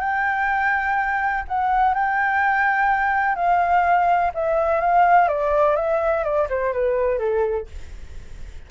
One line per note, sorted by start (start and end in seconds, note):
0.00 1.44 G5
1.48 1.94 F#5
1.94 3.35 G5
3.35 4.31 F5
4.34 4.80 E5
4.80 5.28 F5
5.28 5.76 D5
5.76 6.24 E5
6.24 6.48 D5
6.49 6.73 C5
6.73 7.18 B4
7.18 7.66 A4